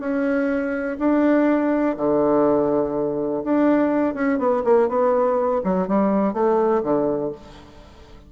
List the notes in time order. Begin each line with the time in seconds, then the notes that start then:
0.00 C#4
0.99 D4
1.97 D3
3.45 D4
4.15 C#4
4.39 B3
4.65 A#3
4.89 B3
5.64 F#3
5.88 G3
6.34 A3
6.83 D3